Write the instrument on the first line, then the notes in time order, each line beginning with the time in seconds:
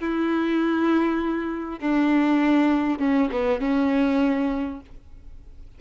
violin
0.00 E4
1.80 D4
2.99 C#4
3.32 B3
3.61 C#4